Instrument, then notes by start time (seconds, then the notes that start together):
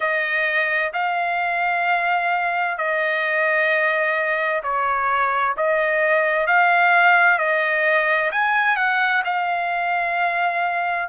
trumpet
0.00 D#5
0.93 F5
2.77 D#5
4.63 C#5
5.56 D#5
6.46 F5
7.38 D#5
8.31 G#5
8.76 F#5
9.24 F5